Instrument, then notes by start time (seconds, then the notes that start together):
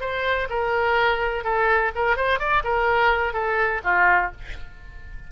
oboe
0.00 C5
0.49 A#4
1.44 A4
1.95 A#4
2.16 C5
2.39 D5
2.64 A#4
3.33 A4
3.84 F4